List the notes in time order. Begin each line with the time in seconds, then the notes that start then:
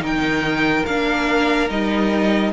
0.00 D#3 D#4 A#4
0.06 G5
0.86 A#3 D4 F5
1.69 G3 D#4 D#5